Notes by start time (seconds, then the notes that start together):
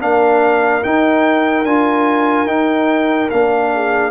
0.00 A#3 D4 A#4 F5
0.83 D#4 G5
1.64 D4 F4 G#5
2.47 D#4 G5
3.30 A#3 D4 F5
3.74 G#4